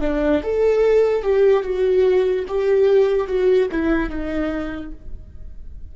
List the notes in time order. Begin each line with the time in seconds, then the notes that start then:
0.00 D4
0.43 A4
1.22 G4
1.63 F#4
2.48 G4
3.27 F#4
3.71 E4
4.09 D#4